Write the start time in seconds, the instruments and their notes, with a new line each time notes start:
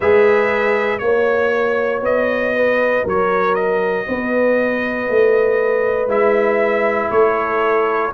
0.00 tuba G#3, trombone G#4, horn B4, trumpet E5
0.98 tuba A#3, trombone F#4, trumpet C#5, horn C#5
2.01 tuba B3, trumpet D#5
2.55 horn B4
3.03 tuba F#3, horn A#4, trumpet C#5
3.54 trumpet D#5
4.07 tuba B3, horn B4
5.09 tuba A3
6.07 tuba G#3, trombone E4, trumpet E5
7.10 tuba A3, horn A4, trumpet C#5